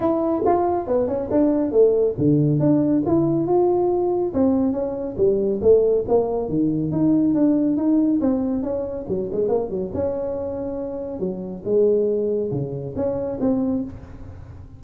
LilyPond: \new Staff \with { instrumentName = "tuba" } { \time 4/4 \tempo 4 = 139 e'4 f'4 b8 cis'8 d'4 | a4 d4 d'4 e'4 | f'2 c'4 cis'4 | g4 a4 ais4 dis4 |
dis'4 d'4 dis'4 c'4 | cis'4 fis8 gis8 ais8 fis8 cis'4~ | cis'2 fis4 gis4~ | gis4 cis4 cis'4 c'4 | }